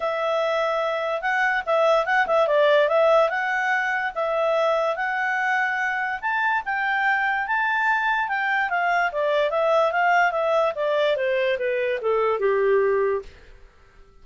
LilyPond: \new Staff \with { instrumentName = "clarinet" } { \time 4/4 \tempo 4 = 145 e''2. fis''4 | e''4 fis''8 e''8 d''4 e''4 | fis''2 e''2 | fis''2. a''4 |
g''2 a''2 | g''4 f''4 d''4 e''4 | f''4 e''4 d''4 c''4 | b'4 a'4 g'2 | }